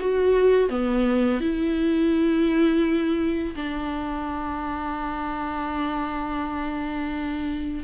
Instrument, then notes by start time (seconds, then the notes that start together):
viola
0.00 F#4
0.69 B3
1.41 E4
3.56 D4